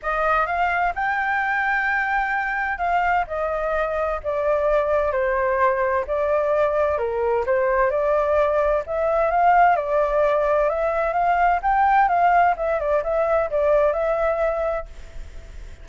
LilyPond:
\new Staff \with { instrumentName = "flute" } { \time 4/4 \tempo 4 = 129 dis''4 f''4 g''2~ | g''2 f''4 dis''4~ | dis''4 d''2 c''4~ | c''4 d''2 ais'4 |
c''4 d''2 e''4 | f''4 d''2 e''4 | f''4 g''4 f''4 e''8 d''8 | e''4 d''4 e''2 | }